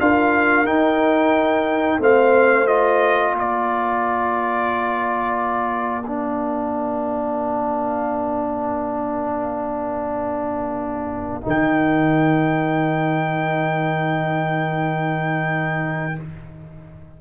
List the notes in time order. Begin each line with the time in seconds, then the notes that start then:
0.00 D4 F4 A#4 F5
0.64 D#4 G5
1.98 A3 C4 C5 F5
2.66 F4 D#5
3.32 A#3 A#4
3.39 D5
6.05 D4 F5
11.41 D#3 D#4
11.49 G5